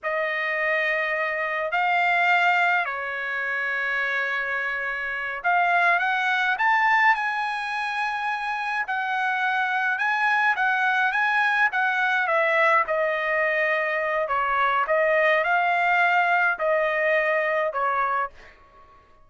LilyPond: \new Staff \with { instrumentName = "trumpet" } { \time 4/4 \tempo 4 = 105 dis''2. f''4~ | f''4 cis''2.~ | cis''4. f''4 fis''4 a''8~ | a''8 gis''2. fis''8~ |
fis''4. gis''4 fis''4 gis''8~ | gis''8 fis''4 e''4 dis''4.~ | dis''4 cis''4 dis''4 f''4~ | f''4 dis''2 cis''4 | }